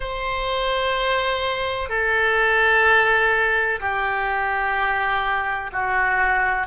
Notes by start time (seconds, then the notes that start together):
0.00 C5
1.89 A4
3.80 G4
5.72 F#4